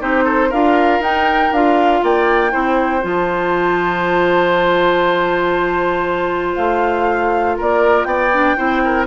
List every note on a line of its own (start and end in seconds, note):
0.00 0.52 C4
0.00 0.50 D#4
0.00 0.24 G4
0.00 0.52 C5
0.24 0.49 A4
0.49 1.00 D4
0.49 1.03 F4
0.49 2.00 A#4
0.49 1.02 F5
1.00 1.50 D#4
1.00 1.53 D#4
1.00 1.53 G5
1.51 2.02 D4
1.51 2.51 F4
1.51 2.04 F5
2.03 2.54 A#3
2.03 2.52 D5
2.03 3.05 G5
2.51 3.04 C4
2.51 3.01 E4
2.51 7.56 C5
3.02 6.57 F3
3.02 8.31 F4
3.02 6.55 A5
6.55 7.58 A3
6.55 7.56 F5
7.57 8.05 A#3
7.57 8.07 A#4
7.57 8.05 D5
8.05 8.56 B3
8.05 8.57 D5
8.05 9.05 G5
8.32 8.57 D4
8.57 9.07 C4
8.57 9.07 E4
8.57 8.82 C5
8.84 9.07 A#4